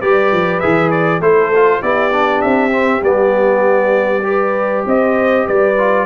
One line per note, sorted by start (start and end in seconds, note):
0.00 0.32 G3
0.00 0.62 G4
0.00 1.21 B4
0.00 0.60 D5
0.32 0.62 F3
0.60 1.20 E3
0.60 1.21 G#4
0.60 0.90 E5
0.91 1.21 D5
1.20 1.80 A3
1.20 1.52 E4
1.20 1.82 A4
1.20 1.82 C5
1.55 1.83 F4
1.82 2.43 B3
1.82 2.11 E4
1.82 4.25 G4
1.82 2.41 D5
2.11 2.71 D4
2.41 3.01 C4
2.41 3.02 E5
2.71 3.01 C4
3.01 4.83 G3
3.01 4.23 B3
3.01 4.85 D5
4.23 5.74 G4
4.23 4.87 B4
4.86 5.47 C4
4.86 5.46 C5
4.86 5.47 D#5
5.46 6.06 G3
5.46 6.06 B4
5.46 6.06 D5
5.78 6.06 F4